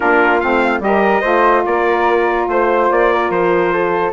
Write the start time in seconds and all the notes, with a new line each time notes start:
0.00 A#3 D4 F4 A#4
0.40 A3 C4 F5
0.79 G3 G4 D#5
0.86 A#4
1.20 A3 F4 C5
1.65 A#3 A#4 D5
2.48 A3 C5
2.91 A#3 D5
3.12 A#4
3.30 F3 C5
3.72 A4